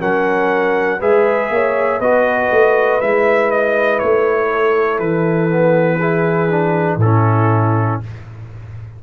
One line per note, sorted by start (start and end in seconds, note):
0.00 1.01 F#3
0.00 1.00 C#4
0.00 1.00 A#4
0.00 1.02 F#5
1.00 1.50 G#3
1.00 2.01 G#4
1.00 1.50 B4
1.00 2.01 E5
1.50 2.00 A#3
1.50 2.00 C#5
2.00 2.51 B3
2.00 3.02 F#4
2.00 4.50 B4
2.00 3.01 D#5
2.51 3.01 A3
3.01 4.02 G#3
3.01 5.50 E4
3.01 3.51 E5
3.51 3.99 D#5
3.99 5.00 A3
3.99 4.99 C#5
4.52 5.98 A4
5.00 6.97 E3
5.00 7.00 B4
5.50 6.00 B3
5.98 6.50 E4
5.98 6.98 G#4
6.50 7.00 D4
6.97 7.97 A2
6.97 8.01 A4
7.03 8.04 C#4
7.03 8.03 E4